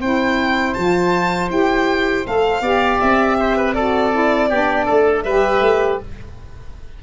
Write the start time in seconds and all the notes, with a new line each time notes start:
0.00 C4 E4 C5 G5
0.74 F3 F4 A5
1.50 E4 G4 G5
2.25 A3 A4 F5
2.62 B3 G4 D5
3.00 C4 E5
3.40 C5
3.58 B4
3.74 F#4 A4 D5
4.12 E4
4.50 B3 D4 G4
4.86 A3 A4
5.24 G3 G4 B4 E5
5.61 A3